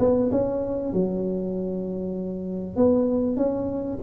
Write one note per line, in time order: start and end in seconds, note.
0.00 0.31 B3
0.32 0.94 C#4
0.94 2.77 F#3
2.77 3.37 B3
3.37 3.99 C#4